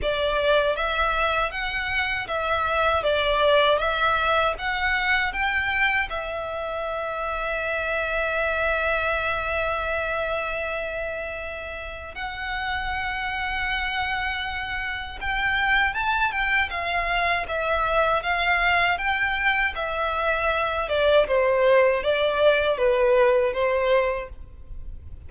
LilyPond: \new Staff \with { instrumentName = "violin" } { \time 4/4 \tempo 4 = 79 d''4 e''4 fis''4 e''4 | d''4 e''4 fis''4 g''4 | e''1~ | e''1 |
fis''1 | g''4 a''8 g''8 f''4 e''4 | f''4 g''4 e''4. d''8 | c''4 d''4 b'4 c''4 | }